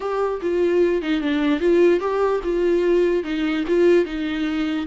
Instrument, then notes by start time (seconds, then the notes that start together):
viola
0.00 G4
0.41 F4
1.02 D#4
1.20 D4
1.59 F4
2.00 G4
2.43 F4
3.23 D#4
3.67 F4
4.05 D#4